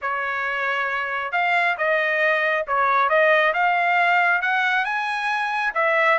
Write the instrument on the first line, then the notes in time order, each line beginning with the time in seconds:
trumpet
0.01 C#5
1.32 F5
1.77 D#5
2.67 C#5
3.09 D#5
3.53 F5
4.41 F#5
4.84 G#5
5.74 E5